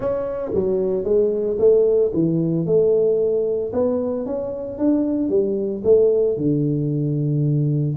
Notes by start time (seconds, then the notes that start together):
0.00 C#4
0.54 F#3
1.04 G#3
1.58 A3
2.13 E3
2.65 A3
3.73 B3
4.26 C#4
4.78 D4
5.29 G3
5.84 A3
6.37 D3